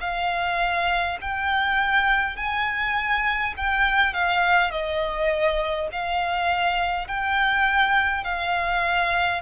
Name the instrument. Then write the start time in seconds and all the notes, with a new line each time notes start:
violin
0.00 F5
1.21 G5
2.36 G#5
3.57 G5
4.13 F5
4.71 D#5
5.92 F5
7.07 G5
8.24 F5